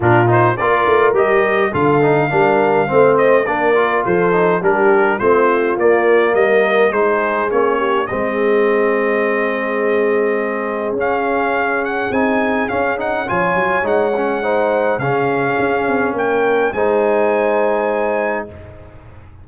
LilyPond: <<
  \new Staff \with { instrumentName = "trumpet" } { \time 4/4 \tempo 4 = 104 ais'8 c''8 d''4 dis''4 f''4~ | f''4. dis''8 d''4 c''4 | ais'4 c''4 d''4 dis''4 | c''4 cis''4 dis''2~ |
dis''2. f''4~ | f''8 fis''8 gis''4 f''8 fis''8 gis''4 | fis''2 f''2 | g''4 gis''2. | }
  \new Staff \with { instrumentName = "horn" } { \time 4/4 f'4 ais'2 a'4 | ais'4 c''4 ais'4 a'4 | g'4 f'2 ais'4 | gis'4. g'8 gis'2~ |
gis'1~ | gis'2. cis''4~ | cis''4 c''4 gis'2 | ais'4 c''2. | }
  \new Staff \with { instrumentName = "trombone" } { \time 4/4 d'8 dis'8 f'4 g'4 f'8 dis'8 | d'4 c'4 d'8 f'4 dis'8 | d'4 c'4 ais2 | dis'4 cis'4 c'2~ |
c'2. cis'4~ | cis'4 dis'4 cis'8 dis'8 f'4 | dis'8 cis'8 dis'4 cis'2~ | cis'4 dis'2. | }
  \new Staff \with { instrumentName = "tuba" } { \time 4/4 ais,4 ais8 a8 g4 d4 | g4 a4 ais4 f4 | g4 a4 ais4 g4 | gis4 ais4 gis2~ |
gis2. cis'4~ | cis'4 c'4 cis'4 f8 fis8 | gis2 cis4 cis'8 c'8 | ais4 gis2. | }
>>